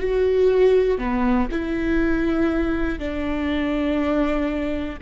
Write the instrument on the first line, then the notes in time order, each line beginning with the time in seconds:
viola
0.00 F#4
0.98 B3
1.51 E4
2.99 D4